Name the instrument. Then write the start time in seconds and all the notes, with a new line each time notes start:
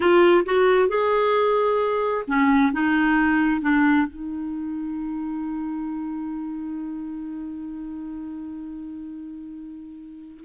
clarinet
0.00 F4
0.45 F#4
0.89 G#4
2.27 C#4
2.73 D#4
3.61 D4
4.07 D#4